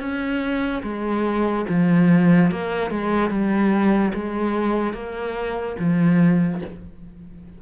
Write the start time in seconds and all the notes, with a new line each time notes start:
0.00 C#4
0.83 G#3
1.69 F3
2.51 A#3
2.91 G#3
3.30 G3
4.14 G#3
4.94 A#3
5.79 F3